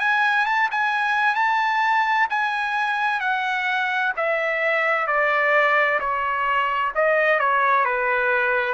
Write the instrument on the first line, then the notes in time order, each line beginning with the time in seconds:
trumpet
0.00 G#5
0.46 A5
0.71 G#5
1.36 A5
2.30 G#5
3.21 F#5
4.17 E5
5.07 D5
6.00 C#5
6.95 D#5
7.40 C#5
7.85 B4